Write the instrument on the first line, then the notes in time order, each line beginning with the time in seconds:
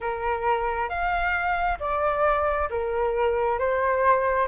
flute
0.00 A#4
0.89 F5
1.79 D5
2.69 A#4
3.58 C5